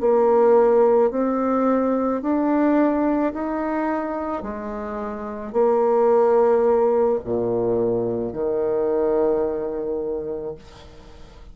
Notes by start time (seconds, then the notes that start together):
0.00 A#3
1.10 C4
2.21 D4
3.33 D#4
4.42 G#3
5.52 A#3
7.24 A#2
8.32 D#3